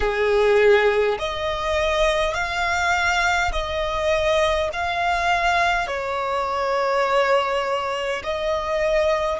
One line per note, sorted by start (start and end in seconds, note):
0.00 1.18 G#4
1.18 2.34 D#5
2.34 3.51 F5
3.51 4.69 D#5
4.73 5.87 F5
5.87 8.22 C#5
8.24 9.39 D#5